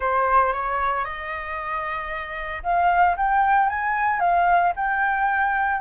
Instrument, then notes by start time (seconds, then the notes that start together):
flute
0.00 C5
0.52 C#5
1.04 D#5
2.63 F5
3.16 G5
3.69 G#5
4.20 F5
4.75 G5